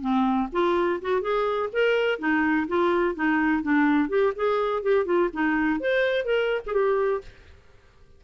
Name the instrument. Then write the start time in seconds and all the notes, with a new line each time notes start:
clarinet
0.00 C4
0.52 F4
1.01 F#4
1.21 G#4
1.72 A#4
2.19 D#4
2.67 F4
3.15 D#4
3.62 D4
4.09 G4
4.35 G#4
4.82 G4
5.05 F4
5.32 D#4
5.80 C5
6.25 A#4
6.66 G#4
6.73 G4